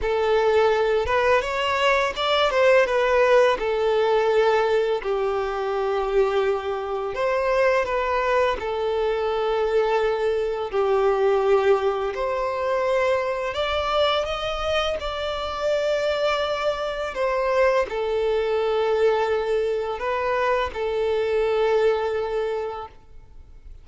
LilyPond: \new Staff \with { instrumentName = "violin" } { \time 4/4 \tempo 4 = 84 a'4. b'8 cis''4 d''8 c''8 | b'4 a'2 g'4~ | g'2 c''4 b'4 | a'2. g'4~ |
g'4 c''2 d''4 | dis''4 d''2. | c''4 a'2. | b'4 a'2. | }